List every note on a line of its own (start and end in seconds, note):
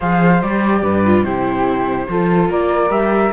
0.00 0.42 F3
0.00 0.42 G#4
0.00 0.82 C5
0.00 0.42 F5
0.42 0.83 G3
0.42 1.05 G4
0.42 1.24 D5
0.82 1.24 G2
0.82 1.24 B4
1.05 1.24 F4
1.24 2.07 C3
1.24 2.08 E4
1.24 2.07 G4
1.24 2.49 C5
2.08 2.50 F3
2.08 2.89 F4
2.08 2.50 A4
2.50 2.89 A#3
2.50 3.32 A#4
2.50 2.91 D5
2.89 3.31 G3
2.89 3.31 G4
2.89 3.32 E5